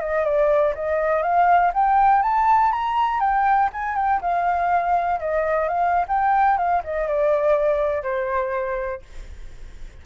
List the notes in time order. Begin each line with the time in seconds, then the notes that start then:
0.00 D#5
0.25 D5
0.75 D#5
1.22 F5
1.74 G5
2.22 A5
2.72 A#5
3.20 G5
3.73 G#5
3.96 G5
4.21 F5
5.20 D#5
5.68 F5
6.08 G5
6.57 F5
6.84 D#5
7.08 D5
8.03 C5